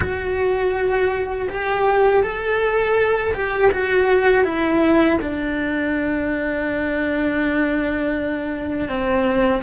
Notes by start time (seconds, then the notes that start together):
0.00 F#4
1.49 G4
2.22 A4
3.33 G4
3.71 F#4
4.44 E4
5.21 D4
8.88 C4